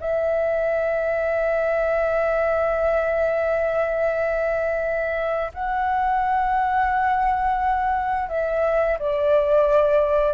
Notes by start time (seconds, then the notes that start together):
0.00 E5
5.54 F#5
8.29 E5
8.99 D5